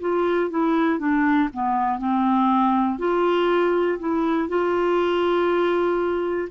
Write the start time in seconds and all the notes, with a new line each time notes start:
0.00 F4
0.50 E4
0.99 D4
1.53 B3
1.99 C4
2.99 F4
4.00 E4
4.49 F4